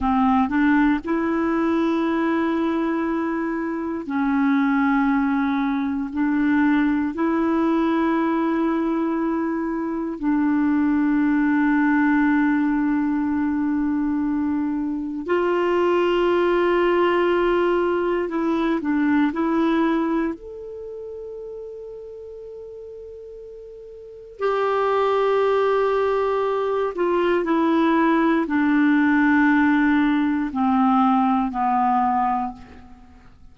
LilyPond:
\new Staff \with { instrumentName = "clarinet" } { \time 4/4 \tempo 4 = 59 c'8 d'8 e'2. | cis'2 d'4 e'4~ | e'2 d'2~ | d'2. f'4~ |
f'2 e'8 d'8 e'4 | a'1 | g'2~ g'8 f'8 e'4 | d'2 c'4 b4 | }